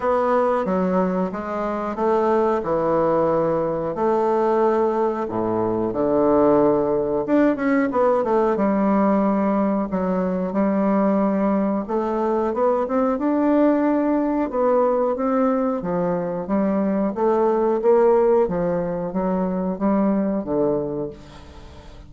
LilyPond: \new Staff \with { instrumentName = "bassoon" } { \time 4/4 \tempo 4 = 91 b4 fis4 gis4 a4 | e2 a2 | a,4 d2 d'8 cis'8 | b8 a8 g2 fis4 |
g2 a4 b8 c'8 | d'2 b4 c'4 | f4 g4 a4 ais4 | f4 fis4 g4 d4 | }